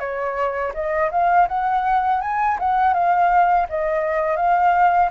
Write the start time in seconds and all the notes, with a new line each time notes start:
0.00 C#5
0.75 D#5
1.12 F5
1.48 F#5
2.22 G#5
2.60 F#5
2.94 F5
3.70 D#5
4.37 F5